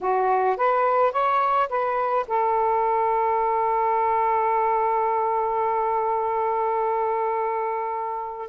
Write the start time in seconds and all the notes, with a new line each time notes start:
0.01 F#4
0.56 B4
1.12 C#5
1.69 B4
2.27 A4